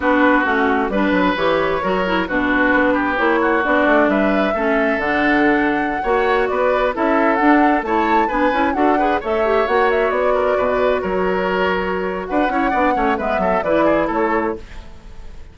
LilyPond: <<
  \new Staff \with { instrumentName = "flute" } { \time 4/4 \tempo 4 = 132 b'4 fis'4 b'4 cis''4~ | cis''4 b'2 cis''4 | d''4 e''2 fis''4~ | fis''2~ fis''16 d''4 e''8.~ |
e''16 fis''4 a''4 gis''4 fis''8.~ | fis''16 e''4 fis''8 e''8 d''4.~ d''16~ | d''16 cis''2~ cis''8. fis''4~ | fis''4 e''4 d''4 cis''4 | }
  \new Staff \with { instrumentName = "oboe" } { \time 4/4 fis'2 b'2 | ais'4 fis'4. g'4 fis'8~ | fis'4 b'4 a'2~ | a'4~ a'16 cis''4 b'4 a'8.~ |
a'4~ a'16 cis''4 b'4 a'8 b'16~ | b'16 cis''2~ cis''8 ais'8 b'8.~ | b'16 ais'2~ ais'8. b'8 cis''8 | d''8 cis''8 b'8 a'8 b'8 gis'8 a'4 | }
  \new Staff \with { instrumentName = "clarinet" } { \time 4/4 d'4 cis'4 d'4 g'4 | fis'8 e'8 d'2 e'4 | d'2 cis'4 d'4~ | d'4~ d'16 fis'2 e'8.~ |
e'16 d'4 e'4 d'8 e'8 fis'8 gis'16~ | gis'16 a'8 g'8 fis'2~ fis'8.~ | fis'2.~ fis'8 e'8 | d'8 cis'8 b4 e'2 | }
  \new Staff \with { instrumentName = "bassoon" } { \time 4/4 b4 a4 g8 fis8 e4 | fis4 b,4 b4 ais4 | b8 a8 g4 a4 d4~ | d4~ d16 ais4 b4 cis'8.~ |
cis'16 d'4 a4 b8 cis'8 d'8.~ | d'16 a4 ais4 b4 b,8.~ | b,16 fis2~ fis8. d'8 cis'8 | b8 a8 gis8 fis8 e4 a4 | }
>>